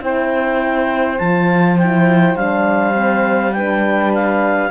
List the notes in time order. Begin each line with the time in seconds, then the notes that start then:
0.00 C4 E4 C5 G5
1.18 F3 F4 A5
1.77 E4 G5
2.35 G3 D4 F5
2.93 C4
3.52 D4 B4 G5
4.14 F5